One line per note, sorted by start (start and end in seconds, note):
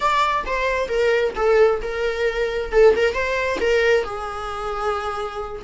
0.00 0.44 D5
0.46 0.88 C5
0.88 1.33 A#4
1.35 1.80 A4
1.82 2.71 A#4
2.71 2.94 A4
2.95 3.14 A#4
3.14 3.59 C5
3.60 4.04 A#4
4.04 5.61 G#4